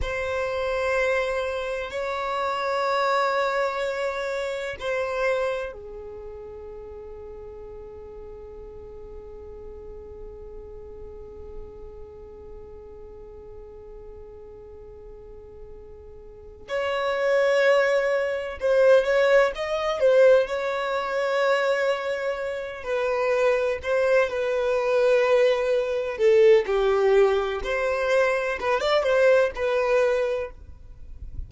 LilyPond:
\new Staff \with { instrumentName = "violin" } { \time 4/4 \tempo 4 = 63 c''2 cis''2~ | cis''4 c''4 gis'2~ | gis'1~ | gis'1~ |
gis'4. cis''2 c''8 | cis''8 dis''8 c''8 cis''2~ cis''8 | b'4 c''8 b'2 a'8 | g'4 c''4 b'16 d''16 c''8 b'4 | }